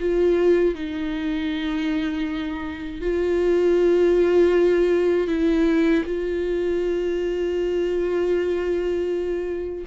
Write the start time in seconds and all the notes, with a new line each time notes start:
0.00 F4
0.75 D#4
3.01 F4
5.28 E4
6.05 F4